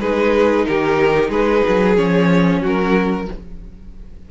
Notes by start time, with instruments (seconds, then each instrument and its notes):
0.00 cello G#3, viola D#4, violin G#4 B4
0.65 cello D#3, violin G4 A#4
1.29 cello G#3, violin G#4 B4
1.68 cello F#3
1.95 cello F3, viola C#4, violin C#5
2.60 cello F#3, violin F#4 A#4